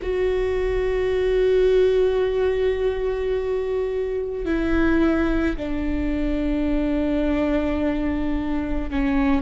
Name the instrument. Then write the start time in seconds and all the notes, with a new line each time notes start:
viola
0.02 F#4
4.45 E4
5.57 D4
8.90 C#4